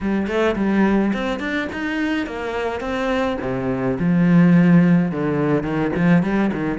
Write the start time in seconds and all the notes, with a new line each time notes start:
0.01 G3
0.27 A3
0.55 G3
1.13 C4
1.39 D4
1.72 D#4
2.26 A#3
2.80 C4
3.41 C3
3.99 F3
5.11 D3
5.63 D#3
5.95 F3
6.22 G3
6.52 D#3